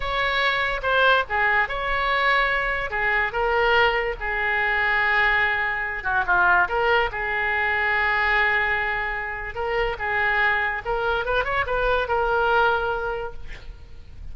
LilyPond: \new Staff \with { instrumentName = "oboe" } { \time 4/4 \tempo 4 = 144 cis''2 c''4 gis'4 | cis''2. gis'4 | ais'2 gis'2~ | gis'2~ gis'8 fis'8 f'4 |
ais'4 gis'2.~ | gis'2. ais'4 | gis'2 ais'4 b'8 cis''8 | b'4 ais'2. | }